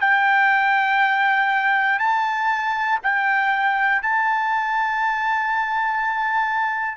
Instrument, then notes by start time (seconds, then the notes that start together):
trumpet
0.00 G5
1.99 A5
3.03 G5
4.02 A5